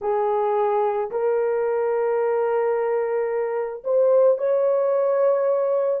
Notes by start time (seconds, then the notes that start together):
0.01 G#4
1.10 A#4
3.84 C5
4.37 C#5